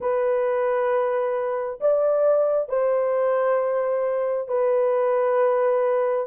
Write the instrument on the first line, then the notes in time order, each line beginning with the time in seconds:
horn
0.00 B4
1.80 D5
2.69 C5
4.48 B4